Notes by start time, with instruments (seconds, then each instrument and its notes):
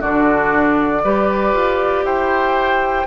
0.00 bassoon D3, clarinet D4, oboe F#4, flute D5
1.04 bassoon G3, clarinet G4, oboe B4
1.53 bassoon F4
2.04 bassoon E4, oboe C5, flute G5